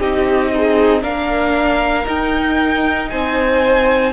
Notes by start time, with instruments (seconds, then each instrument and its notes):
0.00 cello C4, viola D#4, violin G4 D#5
0.53 violin D#4, viola G#4
1.02 cello A#3, viola D4, violin A#4 F5
2.05 viola D#4, cello D#4, violin G5
3.10 cello C4, violin C5 G#5